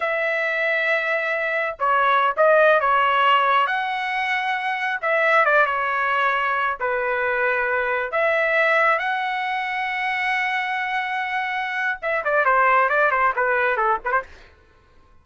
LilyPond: \new Staff \with { instrumentName = "trumpet" } { \time 4/4 \tempo 4 = 135 e''1 | cis''4~ cis''16 dis''4 cis''4.~ cis''16~ | cis''16 fis''2. e''8.~ | e''16 d''8 cis''2~ cis''8 b'8.~ |
b'2~ b'16 e''4.~ e''16~ | e''16 fis''2.~ fis''8.~ | fis''2. e''8 d''8 | c''4 d''8 c''8 b'4 a'8 b'16 c''16 | }